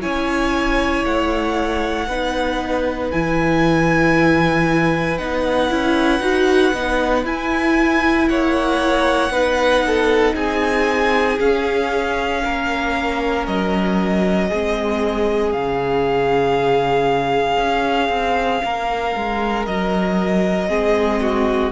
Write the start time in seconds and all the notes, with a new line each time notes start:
0.00 C#4 E4 C#5 G#5
1.03 A3 F#5
2.07 B3 D#4 B4
3.11 E3 E4 G#5
5.18 B3 D#4 F#5
5.69 C#4 E4
6.20 D#4 F#4
6.73 B3 D#4
7.24 E4 G#5
8.28 A#3 C#5 F#5
9.29 B3 D#4 B4
9.86 A4
10.34 C4 G#4 G#5
11.39 C#4 F5
12.44 A#3 A#4
13.46 F#3 D#5
14.48 G#3 C4 G#4
15.52 C#3 C#4 F5
17.57 C#4
18.09 C4
18.64 A#3 A#4
19.15 G#3
19.66 F#3 D#5
20.68 G#3 C4 G#4
21.21 F#4